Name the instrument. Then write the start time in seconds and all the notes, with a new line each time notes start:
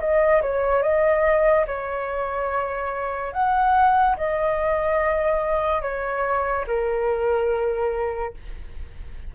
flute
0.00 D#5
0.42 C#5
0.82 D#5
1.67 C#5
3.33 F#5
4.17 D#5
5.82 C#5
6.67 A#4